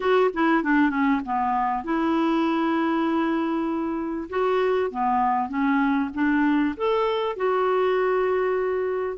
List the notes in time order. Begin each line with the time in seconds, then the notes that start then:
0.00 F#4
0.33 E4
0.63 D4
0.90 C#4
1.25 B3
1.84 E4
4.29 F#4
4.90 B3
5.49 C#4
6.14 D4
6.77 A4
7.36 F#4